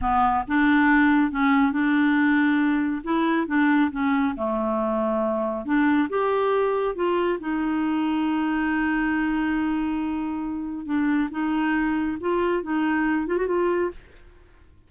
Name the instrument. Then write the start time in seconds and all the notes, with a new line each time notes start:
clarinet
0.01 B3
0.47 D4
1.31 C#4
1.72 D4
3.03 E4
3.47 D4
3.91 C#4
4.36 A3
5.65 D4
6.09 G4
6.95 F4
7.39 D#4
10.85 D4
11.30 D#4
12.20 F4
12.62 D#4
13.26 F4
13.37 F#4
13.47 F4